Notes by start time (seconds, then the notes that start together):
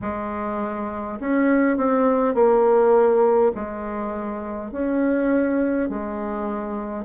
0.01 G#3
1.20 C#4
1.77 C4
2.34 A#3
3.55 G#3
4.71 C#4
5.89 G#3